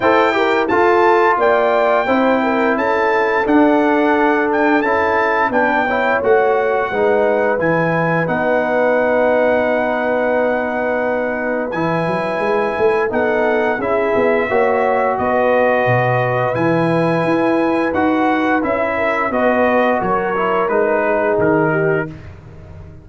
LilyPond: <<
  \new Staff \with { instrumentName = "trumpet" } { \time 4/4 \tempo 4 = 87 g''4 a''4 g''2 | a''4 fis''4. g''8 a''4 | g''4 fis''2 gis''4 | fis''1~ |
fis''4 gis''2 fis''4 | e''2 dis''2 | gis''2 fis''4 e''4 | dis''4 cis''4 b'4 ais'4 | }
  \new Staff \with { instrumentName = "horn" } { \time 4/4 c''8 ais'8 a'4 d''4 c''8 ais'8 | a'1 | b'8 cis''4. b'2~ | b'1~ |
b'2. a'4 | gis'4 cis''4 b'2~ | b'2.~ b'8 ais'8 | b'4 ais'4. gis'4 g'8 | }
  \new Staff \with { instrumentName = "trombone" } { \time 4/4 a'8 g'8 f'2 e'4~ | e'4 d'2 e'4 | d'8 e'8 fis'4 dis'4 e'4 | dis'1~ |
dis'4 e'2 dis'4 | e'4 fis'2. | e'2 fis'4 e'4 | fis'4. e'8 dis'2 | }
  \new Staff \with { instrumentName = "tuba" } { \time 4/4 e'4 f'4 ais4 c'4 | cis'4 d'2 cis'4 | b4 a4 gis4 e4 | b1~ |
b4 e8 fis8 gis8 a8 b4 | cis'8 b8 ais4 b4 b,4 | e4 e'4 dis'4 cis'4 | b4 fis4 gis4 dis4 | }
>>